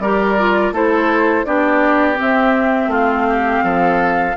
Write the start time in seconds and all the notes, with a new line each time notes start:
0.00 G3 G4 A#4 D5
0.39 F4
0.72 A3 E4 A4 C5
1.46 B3 D4 G4 D5
2.16 C4 E5
2.22 C4
2.88 A3 F4 F5
3.29 G4
3.64 F3 A4